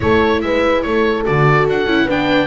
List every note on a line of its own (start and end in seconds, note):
0.00 0.42 A3
0.00 1.25 E4
0.00 0.43 A4
0.00 0.41 C#5
0.41 0.84 G#3
0.41 0.84 B4
0.41 0.82 E5
0.82 1.26 A3
0.82 2.05 A4
0.82 1.23 C#5
1.25 1.68 D3
1.25 1.87 F#4
1.25 1.67 D5
1.68 1.86 D4
1.68 2.10 F#5
1.86 2.06 C#4
1.86 2.08 E4
2.05 2.47 B3
2.05 2.47 D4
2.05 2.47 B4
2.05 2.47 G5